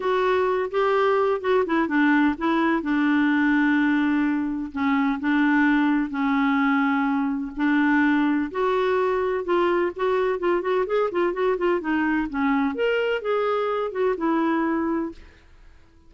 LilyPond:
\new Staff \with { instrumentName = "clarinet" } { \time 4/4 \tempo 4 = 127 fis'4. g'4. fis'8 e'8 | d'4 e'4 d'2~ | d'2 cis'4 d'4~ | d'4 cis'2. |
d'2 fis'2 | f'4 fis'4 f'8 fis'8 gis'8 f'8 | fis'8 f'8 dis'4 cis'4 ais'4 | gis'4. fis'8 e'2 | }